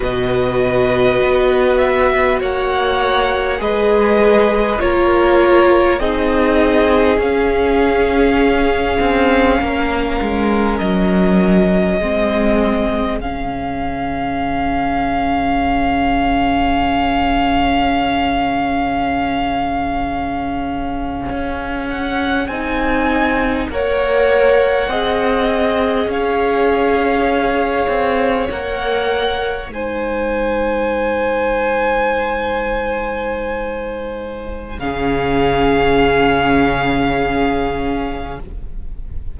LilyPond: <<
  \new Staff \with { instrumentName = "violin" } { \time 4/4 \tempo 4 = 50 dis''4. e''8 fis''4 dis''4 | cis''4 dis''4 f''2~ | f''4 dis''2 f''4~ | f''1~ |
f''2~ f''16 fis''8 gis''4 fis''16~ | fis''4.~ fis''16 f''2 fis''16~ | fis''8. gis''2.~ gis''16~ | gis''4 f''2. | }
  \new Staff \with { instrumentName = "violin" } { \time 4/4 b'2 cis''4 b'4 | ais'4 gis'2. | ais'2 gis'2~ | gis'1~ |
gis'2.~ gis'8. cis''16~ | cis''8. dis''4 cis''2~ cis''16~ | cis''8. c''2.~ c''16~ | c''4 gis'2. | }
  \new Staff \with { instrumentName = "viola" } { \time 4/4 fis'2. gis'4 | f'4 dis'4 cis'2~ | cis'2 c'4 cis'4~ | cis'1~ |
cis'2~ cis'8. dis'4 ais'16~ | ais'8. gis'2. ais'16~ | ais'8. dis'2.~ dis'16~ | dis'4 cis'2. | }
  \new Staff \with { instrumentName = "cello" } { \time 4/4 b,4 b4 ais4 gis4 | ais4 c'4 cis'4. c'8 | ais8 gis8 fis4 gis4 cis4~ | cis1~ |
cis4.~ cis16 cis'4 c'4 ais16~ | ais8. c'4 cis'4. c'8 ais16~ | ais8. gis2.~ gis16~ | gis4 cis2. | }
>>